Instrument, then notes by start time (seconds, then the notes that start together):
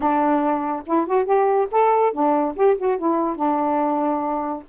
saxophone
0.00 D4
0.86 E4
1.06 F#4
1.25 G4
1.71 A4
2.13 D4
2.56 G4
2.77 F#4
2.98 E4
3.35 D4